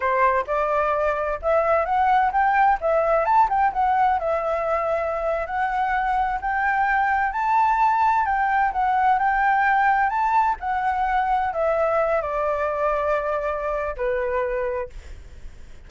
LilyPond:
\new Staff \with { instrumentName = "flute" } { \time 4/4 \tempo 4 = 129 c''4 d''2 e''4 | fis''4 g''4 e''4 a''8 g''8 | fis''4 e''2~ e''8. fis''16~ | fis''4.~ fis''16 g''2 a''16~ |
a''4.~ a''16 g''4 fis''4 g''16~ | g''4.~ g''16 a''4 fis''4~ fis''16~ | fis''8. e''4. d''4.~ d''16~ | d''2 b'2 | }